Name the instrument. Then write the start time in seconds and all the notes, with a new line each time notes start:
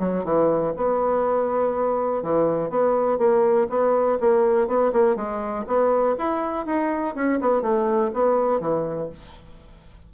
bassoon
0.00 F#3
0.25 E3
0.77 B3
2.23 E3
2.70 B3
3.19 A#3
3.70 B3
4.20 A#3
4.68 B3
4.93 A#3
5.16 G#3
5.67 B3
6.19 E4
6.66 D#4
7.16 C#4
7.41 B3
7.63 A3
8.14 B3
8.60 E3